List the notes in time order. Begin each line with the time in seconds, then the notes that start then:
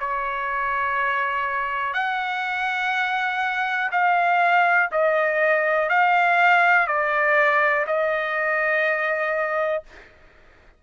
0.00 C#5
1.94 F#5
3.92 F5
4.91 D#5
5.89 F5
6.87 D5
7.86 D#5